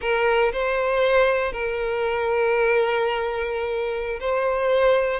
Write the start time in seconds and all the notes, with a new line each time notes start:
0.01 A#4
0.52 C5
1.52 A#4
4.20 C5